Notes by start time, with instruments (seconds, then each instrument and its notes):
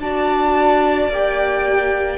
0.00 cello D4, viola F#4, violin D5 A5
1.09 cello A#3, viola G4, violin G5